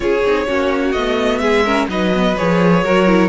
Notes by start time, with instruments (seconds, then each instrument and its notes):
0.00 cello C#4, viola F4, violin G#4 C#5
0.24 cello C4, viola D#4
0.47 cello A#3, viola C#4, violin F#4
0.92 cello A3, viola B3, violin D#5
1.38 cello G#3, violin G#4 E5
1.64 viola C#4, violin A#4
1.87 cello F#3, viola D#4, violin B4 D#5
2.13 viola B3
2.37 cello F3, viola G#4, violin C#5
2.83 cello F#3, viola F#4, violin A#4
3.06 viola E4